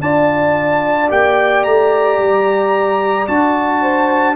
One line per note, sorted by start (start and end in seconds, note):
0.00 1.09 D4
0.00 1.08 F4
0.00 3.81 D5
0.00 1.10 A5
1.08 1.65 A#3
1.08 3.26 G4
1.08 1.63 G5
1.63 2.18 A3
1.63 3.27 A#5
2.18 3.27 G3
3.27 4.35 D4
3.27 4.35 F#4
3.27 4.35 A5
3.81 4.35 C5